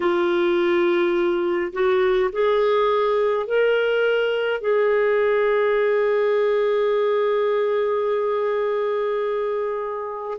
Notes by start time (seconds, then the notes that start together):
0.00 F4
1.73 F#4
2.32 G#4
3.46 A#4
4.60 G#4